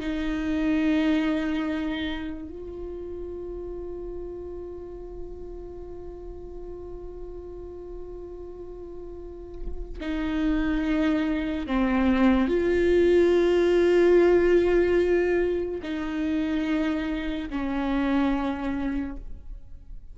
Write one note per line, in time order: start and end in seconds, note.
0.00 2.49 D#4
2.49 9.99 F4
10.00 11.67 D#4
11.67 12.48 C4
12.48 15.81 F4
15.83 17.49 D#4
17.50 19.16 C#4